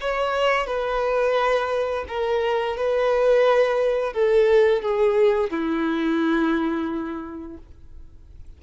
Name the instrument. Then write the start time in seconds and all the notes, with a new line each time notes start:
violin
0.00 C#5
0.66 B4
2.08 A#4
2.76 B4
4.13 A4
4.82 G#4
5.50 E4